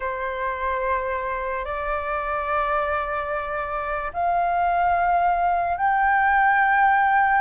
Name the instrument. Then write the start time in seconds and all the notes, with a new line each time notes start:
flute
0.00 C5
1.64 D5
4.13 F5
5.77 G5